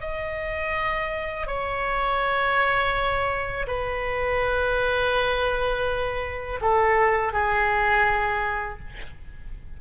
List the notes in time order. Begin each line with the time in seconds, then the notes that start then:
0.00 D#5
1.47 C#5
3.67 B4
6.61 A4
7.33 G#4